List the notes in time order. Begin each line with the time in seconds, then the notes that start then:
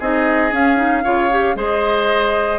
0.00 C4 D#4 G#4 D#5
0.52 C#4 F5
0.77 D#4
1.04 C#3 F4 C#5
1.31 G4
1.56 G#3 G#4 C5 D#5